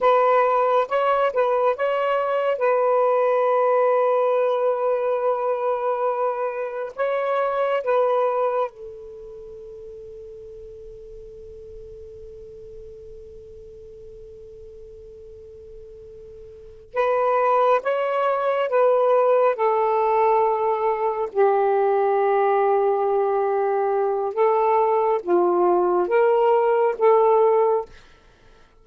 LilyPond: \new Staff \with { instrumentName = "saxophone" } { \time 4/4 \tempo 4 = 69 b'4 cis''8 b'8 cis''4 b'4~ | b'1 | cis''4 b'4 a'2~ | a'1~ |
a'2.~ a'8 b'8~ | b'8 cis''4 b'4 a'4.~ | a'8 g'2.~ g'8 | a'4 f'4 ais'4 a'4 | }